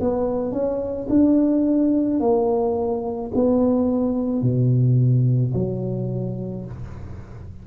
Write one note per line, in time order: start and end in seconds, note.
0.00 0.52 B3
0.52 1.07 C#4
1.09 2.20 D4
2.20 3.31 A#3
3.34 4.42 B3
4.42 5.53 B2
5.54 6.65 F#3